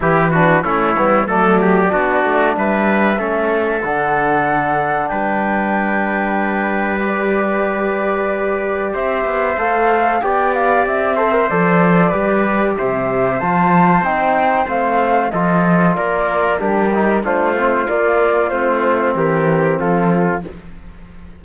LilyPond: <<
  \new Staff \with { instrumentName = "flute" } { \time 4/4 \tempo 4 = 94 b'4 cis''4 d''2 | e''2 fis''2 | g''2. d''4~ | d''2 e''4 f''4 |
g''8 f''8 e''4 d''2 | e''4 a''4 g''4 f''4 | dis''4 d''4 ais'4 c''4 | d''4 c''4 ais'4 a'4 | }
  \new Staff \with { instrumentName = "trumpet" } { \time 4/4 g'8 fis'8 e'4 a'8 g'8 fis'4 | b'4 a'2. | b'1~ | b'2 c''2 |
d''4. c''4. b'4 | c''1 | a'4 ais'4 g'4 f'4~ | f'2 g'4 f'4 | }
  \new Staff \with { instrumentName = "trombone" } { \time 4/4 e'8 d'8 cis'8 b8 a4 d'4~ | d'4 cis'4 d'2~ | d'2. g'4~ | g'2. a'4 |
g'4. a'16 ais'16 a'4 g'4~ | g'4 f'4 dis'4 c'4 | f'2 d'8 dis'8 d'8 c'8 | ais4 c'2. | }
  \new Staff \with { instrumentName = "cello" } { \time 4/4 e4 a8 g8 fis4 b8 a8 | g4 a4 d2 | g1~ | g2 c'8 b8 a4 |
b4 c'4 f4 g4 | c4 f4 c'4 a4 | f4 ais4 g4 a4 | ais4 a4 e4 f4 | }
>>